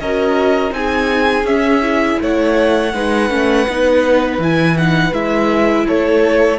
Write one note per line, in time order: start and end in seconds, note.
0.00 0.71 C#4
0.00 0.70 F#4
0.00 0.75 A#4
0.00 0.73 D#5
0.70 1.44 C4
0.70 1.43 D#4
0.70 1.46 G#5
0.77 2.21 G#4
1.44 2.17 C#4
1.44 1.82 C#4
1.44 2.19 E5
1.82 2.92 E4
2.21 2.94 A3
2.21 2.94 C#5
2.21 4.43 F#5
2.94 3.30 G#3
2.94 3.30 D#4
2.94 5.86 B4
3.30 3.67 A3
3.30 3.66 C#4
3.68 4.38 B3
3.68 4.42 D#4
4.38 5.11 E3
4.38 4.78 E4
4.38 4.77 G#5
4.77 5.12 D#4
4.77 5.14 F#5
5.12 5.85 G#3
5.12 6.59 E4
5.12 5.87 E5
5.86 6.59 A3
5.86 6.59 A4
5.86 6.59 C#5